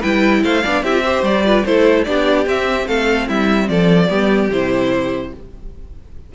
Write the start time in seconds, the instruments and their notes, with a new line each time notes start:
0.00 cello G3, viola E4, violin B4 G5
0.43 cello A3, violin C5 F5
0.63 cello B3, viola D4, violin D5
0.83 cello C4, viola E4, violin G4 E5
0.92 viola F4
1.04 viola G4, violin C5
1.23 cello G3, violin D5
1.45 viola F4, violin B4
1.65 cello A3, viola E4, violin A4 C5
2.04 cello B3, viola D4, violin G4 D5
2.46 viola C4, cello C4, violin E5
2.87 cello A3, violin A4 F5
3.28 cello G3, violin E4 E5
3.68 cello F3, violin A4 D5
4.08 cello G3, viola B3, violin G4
4.49 cello C3, viola E4, violin C5